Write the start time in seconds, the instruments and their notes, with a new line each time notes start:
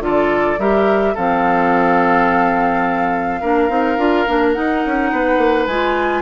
0.00 bassoon D3, clarinet F4, oboe A4, flute D5
0.58 bassoon G3, clarinet G4, oboe A#4, flute E5
1.14 bassoon F3, clarinet C4, oboe A4, flute F5
3.41 bassoon A#3, clarinet D4, oboe A#4
3.69 bassoon C4, clarinet D#4
3.97 bassoon D4, clarinet F4
4.27 bassoon A#3, clarinet D4
4.52 clarinet D#4, bassoon D#4, flute F#5
4.86 bassoon C#4
5.12 bassoon B3, oboe B4
5.38 bassoon A#3
5.66 bassoon G#3, clarinet F4, flute G#5